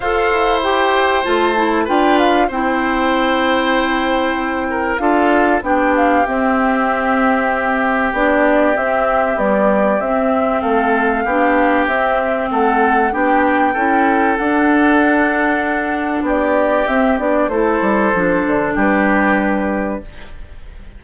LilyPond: <<
  \new Staff \with { instrumentName = "flute" } { \time 4/4 \tempo 4 = 96 f''4 g''4 a''4 g''8 f''8 | g''1 | f''4 g''8 f''8 e''2~ | e''4 d''4 e''4 d''4 |
e''4 f''2 e''4 | fis''4 g''2 fis''4~ | fis''2 d''4 e''8 d''8 | c''2 b'2 | }
  \new Staff \with { instrumentName = "oboe" } { \time 4/4 c''2. b'4 | c''2.~ c''8 ais'8 | a'4 g'2.~ | g'1~ |
g'4 a'4 g'2 | a'4 g'4 a'2~ | a'2 g'2 | a'2 g'2 | }
  \new Staff \with { instrumentName = "clarinet" } { \time 4/4 a'4 g'4 f'8 e'8 f'4 | e'1 | f'4 d'4 c'2~ | c'4 d'4 c'4 g4 |
c'2 d'4 c'4~ | c'4 d'4 e'4 d'4~ | d'2. c'8 d'8 | e'4 d'2. | }
  \new Staff \with { instrumentName = "bassoon" } { \time 4/4 f'8 e'4. a4 d'4 | c'1 | d'4 b4 c'2~ | c'4 b4 c'4 b4 |
c'4 a4 b4 c'4 | a4 b4 cis'4 d'4~ | d'2 b4 c'8 b8 | a8 g8 f8 d8 g2 | }
>>